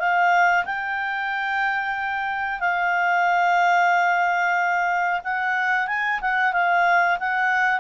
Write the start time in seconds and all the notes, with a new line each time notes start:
0.00 F5
0.66 G5
2.60 F5
5.24 F#5
5.88 G#5
6.21 F#5
6.53 F5
7.20 F#5